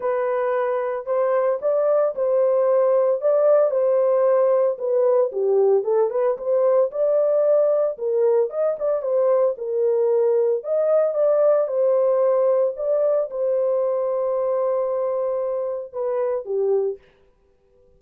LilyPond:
\new Staff \with { instrumentName = "horn" } { \time 4/4 \tempo 4 = 113 b'2 c''4 d''4 | c''2 d''4 c''4~ | c''4 b'4 g'4 a'8 b'8 | c''4 d''2 ais'4 |
dis''8 d''8 c''4 ais'2 | dis''4 d''4 c''2 | d''4 c''2.~ | c''2 b'4 g'4 | }